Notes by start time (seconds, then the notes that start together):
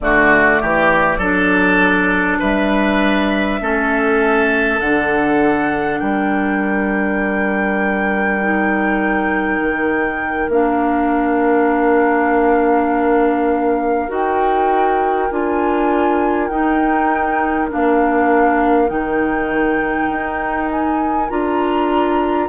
0.00 D3 A3 F#4 D5
0.61 E3 G4
1.18 F#3 D4 A4
2.39 G3 B4 E5
3.60 A3 C#4 A4
4.79 D3 D4 F#5
5.99 G3 A#4 G5
8.41 D#4
9.61 D#3
10.48 A#3 D4 F5
14.08 D#4 F#4 G5
15.30 D4 F4 G#5
16.48 D#4 G5
17.70 A#3 D4 F5
18.88 D#3 D#4 G5
20.09 D#4
20.71 G#5
21.29 D4 F4 A#5